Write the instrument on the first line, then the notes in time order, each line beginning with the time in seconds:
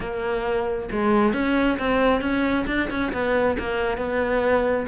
cello
0.00 A#3
0.91 G#3
1.33 C#4
1.78 C4
2.21 C#4
2.67 D4
2.90 C#4
3.12 B3
3.58 A#3
3.97 B3